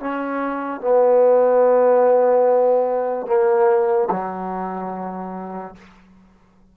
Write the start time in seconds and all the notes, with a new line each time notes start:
0.00 C#4
0.81 B3
3.27 A#3
4.11 F#3